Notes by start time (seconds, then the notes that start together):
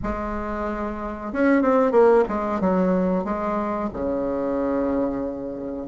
0.03 G#3
1.33 C#4
1.61 C4
1.91 A#3
2.28 G#3
2.60 F#3
3.24 G#3
3.93 C#3